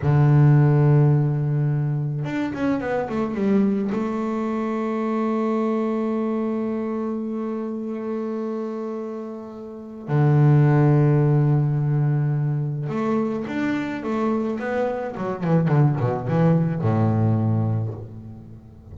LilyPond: \new Staff \with { instrumentName = "double bass" } { \time 4/4 \tempo 4 = 107 d1 | d'8 cis'8 b8 a8 g4 a4~ | a1~ | a1~ |
a2 d2~ | d2. a4 | d'4 a4 b4 fis8 e8 | d8 b,8 e4 a,2 | }